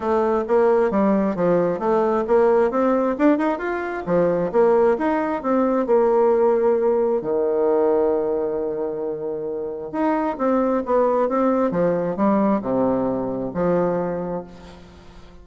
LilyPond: \new Staff \with { instrumentName = "bassoon" } { \time 4/4 \tempo 4 = 133 a4 ais4 g4 f4 | a4 ais4 c'4 d'8 dis'8 | f'4 f4 ais4 dis'4 | c'4 ais2. |
dis1~ | dis2 dis'4 c'4 | b4 c'4 f4 g4 | c2 f2 | }